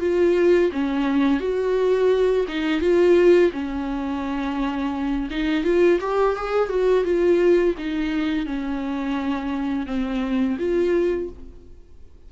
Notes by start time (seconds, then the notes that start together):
0.00 F4
0.72 C#4
1.40 F#4
2.48 D#4
2.80 F4
3.52 C#4
5.30 D#4
5.64 F4
6.00 G4
6.36 G#4
6.69 F#4
7.04 F4
7.78 D#4
8.46 C#4
9.86 C4
10.59 F4